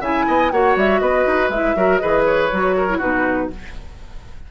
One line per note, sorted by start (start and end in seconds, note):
0.00 0.25 C#3
0.00 0.52 E4
0.00 0.25 E5
0.00 0.51 G#5
0.27 0.51 B3
0.27 0.52 D#5
0.51 0.76 A#3
0.51 1.51 F#4
0.51 1.01 C#5
0.51 0.76 F#5
0.76 1.00 G3
0.76 0.99 E5
0.99 1.25 B3
0.99 1.75 B4
0.99 1.49 D#5
1.26 1.49 D#4
1.49 1.74 G#3
1.49 1.75 E4
1.49 1.97 E5
1.75 2.01 F#3
1.75 2.00 F#4
1.75 2.01 A#4
1.97 2.51 E3
1.97 2.49 G#4
1.97 2.75 B4
1.97 2.22 D#5
2.25 3.00 C#5
2.51 3.01 F#3
2.51 2.89 F#4
2.76 2.97 A#4
2.89 3.00 E4
2.97 3.51 B2
2.97 3.50 D#4
2.97 3.47 F#4
2.97 3.50 B4